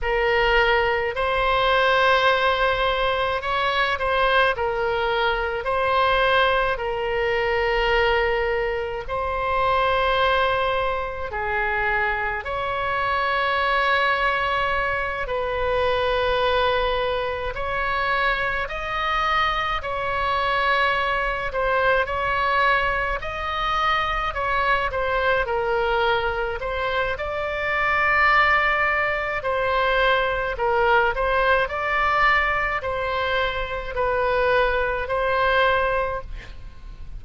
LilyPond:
\new Staff \with { instrumentName = "oboe" } { \time 4/4 \tempo 4 = 53 ais'4 c''2 cis''8 c''8 | ais'4 c''4 ais'2 | c''2 gis'4 cis''4~ | cis''4. b'2 cis''8~ |
cis''8 dis''4 cis''4. c''8 cis''8~ | cis''8 dis''4 cis''8 c''8 ais'4 c''8 | d''2 c''4 ais'8 c''8 | d''4 c''4 b'4 c''4 | }